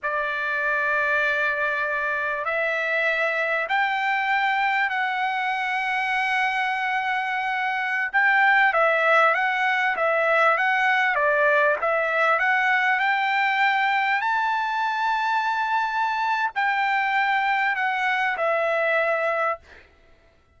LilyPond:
\new Staff \with { instrumentName = "trumpet" } { \time 4/4 \tempo 4 = 98 d''1 | e''2 g''2 | fis''1~ | fis''4~ fis''16 g''4 e''4 fis''8.~ |
fis''16 e''4 fis''4 d''4 e''8.~ | e''16 fis''4 g''2 a''8.~ | a''2. g''4~ | g''4 fis''4 e''2 | }